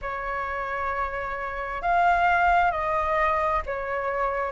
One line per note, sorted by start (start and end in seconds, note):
0.01 1.82 C#5
1.82 2.71 F5
2.71 3.62 D#5
3.66 4.51 C#5